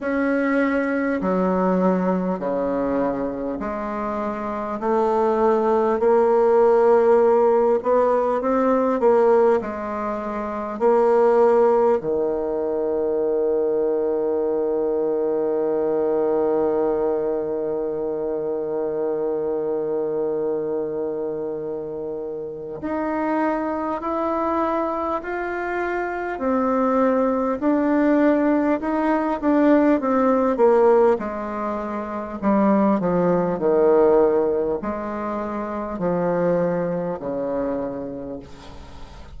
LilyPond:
\new Staff \with { instrumentName = "bassoon" } { \time 4/4 \tempo 4 = 50 cis'4 fis4 cis4 gis4 | a4 ais4. b8 c'8 ais8 | gis4 ais4 dis2~ | dis1~ |
dis2. dis'4 | e'4 f'4 c'4 d'4 | dis'8 d'8 c'8 ais8 gis4 g8 f8 | dis4 gis4 f4 cis4 | }